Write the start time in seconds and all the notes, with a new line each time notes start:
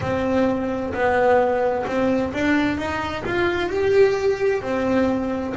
0.00 C4
0.93 B3
1.86 C4
2.33 D4
2.77 D#4
3.25 F4
3.69 G4
4.62 C4